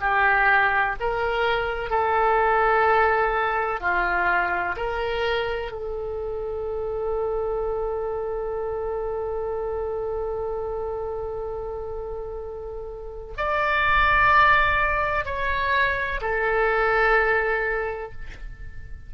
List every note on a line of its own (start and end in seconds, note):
0.00 0.95 G4
1.00 1.90 A#4
1.90 3.80 A4
3.80 4.75 F4
4.76 5.71 A#4
5.71 13.33 A4
13.37 15.25 D5
15.25 16.20 C#5
16.21 18.12 A4